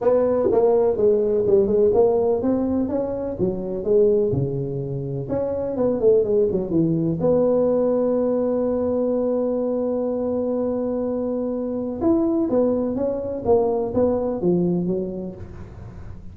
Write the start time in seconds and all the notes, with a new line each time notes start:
0.01 B3
0.51 A#3
0.96 G#3
1.46 G3
1.66 G#3
1.94 A#3
2.42 C4
2.88 C#4
3.39 F#3
3.84 G#3
4.32 C#3
5.28 C#4
5.76 B3
6.00 A3
6.24 G#3
6.51 F#3
6.70 E3
7.20 B3
12.01 E4
12.49 B3
12.95 C#4
13.45 A#3
13.94 B3
14.41 F3
14.86 F#3